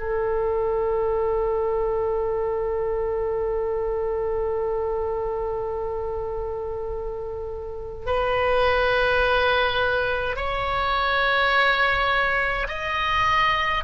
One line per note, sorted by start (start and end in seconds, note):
0.00 8.07 A4
8.07 10.37 B4
10.37 12.68 C#5
12.69 13.84 D#5